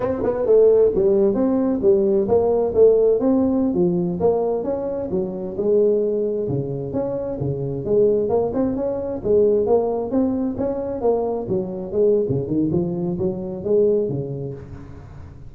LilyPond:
\new Staff \with { instrumentName = "tuba" } { \time 4/4 \tempo 4 = 132 c'8 b8 a4 g4 c'4 | g4 ais4 a4 c'4~ | c'16 f4 ais4 cis'4 fis8.~ | fis16 gis2 cis4 cis'8.~ |
cis'16 cis4 gis4 ais8 c'8 cis'8.~ | cis'16 gis4 ais4 c'4 cis'8.~ | cis'16 ais4 fis4 gis8. cis8 dis8 | f4 fis4 gis4 cis4 | }